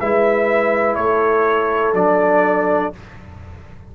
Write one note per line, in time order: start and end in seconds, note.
0.00 0.97 G#3
0.00 1.94 E4
0.00 0.99 B4
0.00 0.95 E5
0.95 1.94 A3
0.95 2.95 A4
0.95 1.94 C#5
1.94 2.92 F#3
1.94 2.93 D4
1.94 2.94 D5